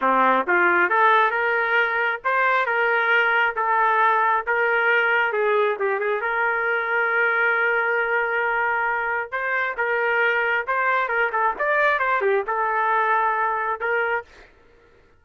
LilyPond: \new Staff \with { instrumentName = "trumpet" } { \time 4/4 \tempo 4 = 135 c'4 f'4 a'4 ais'4~ | ais'4 c''4 ais'2 | a'2 ais'2 | gis'4 g'8 gis'8 ais'2~ |
ais'1~ | ais'4 c''4 ais'2 | c''4 ais'8 a'8 d''4 c''8 g'8 | a'2. ais'4 | }